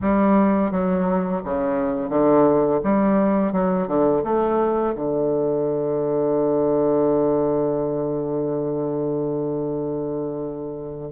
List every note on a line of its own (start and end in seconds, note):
0.01 0.71 G3
0.71 1.41 F#3
1.44 2.09 C#3
2.09 2.80 D3
2.83 3.52 G3
3.52 3.87 F#3
3.87 4.22 D3
4.24 4.94 A3
4.95 11.11 D3